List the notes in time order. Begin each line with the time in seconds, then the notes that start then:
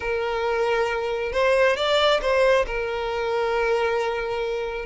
0.00 A#4
1.32 C5
1.76 D5
2.21 C5
2.66 A#4